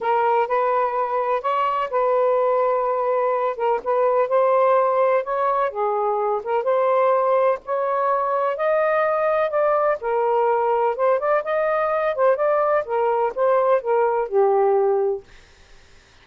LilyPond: \new Staff \with { instrumentName = "saxophone" } { \time 4/4 \tempo 4 = 126 ais'4 b'2 cis''4 | b'2.~ b'8 ais'8 | b'4 c''2 cis''4 | gis'4. ais'8 c''2 |
cis''2 dis''2 | d''4 ais'2 c''8 d''8 | dis''4. c''8 d''4 ais'4 | c''4 ais'4 g'2 | }